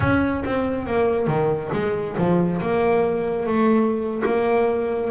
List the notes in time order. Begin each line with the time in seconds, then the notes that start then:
0.00 C#4
0.45 C4
0.86 A#3
1.27 D#3
1.73 G#3
2.17 F3
2.61 A#3
3.46 A3
4.25 A#3